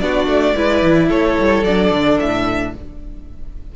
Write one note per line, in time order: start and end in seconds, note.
0.00 0.27 B3
0.00 0.56 D4
0.00 0.56 F#4
0.00 1.09 D5
0.27 0.54 A3
0.56 0.83 G#3
0.56 1.65 E4
0.56 1.08 B4
0.83 1.10 E3
1.08 1.39 A3
1.08 2.72 A4
1.08 1.64 C#5
1.39 1.64 G3
1.64 1.91 F#3
1.64 2.76 D4
1.64 2.18 D5
1.91 2.19 D3
2.20 2.75 A2
2.20 2.74 E5